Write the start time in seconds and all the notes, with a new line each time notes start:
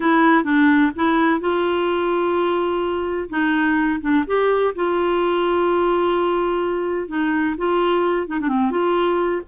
0.00 E4
0.44 D4
0.95 E4
1.40 F4
3.29 D#4
4.00 D4
4.26 G4
4.75 F4
7.08 D#4
7.57 F4
8.27 D#4
8.40 D4
8.48 C4
8.70 F4